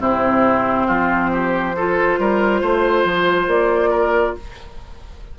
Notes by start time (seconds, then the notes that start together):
0.00 C3 C4 E4 C5
0.87 F3 F4
1.33 G4
1.76 F4 A4
2.19 G3 A#4
2.61 A3 C5
3.04 F3
3.47 A#3 D5
3.90 A#4